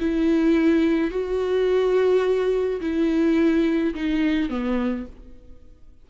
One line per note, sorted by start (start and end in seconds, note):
0.00 1.11 E4
1.11 2.81 F#4
2.81 3.94 E4
3.95 4.50 D#4
4.50 5.06 B3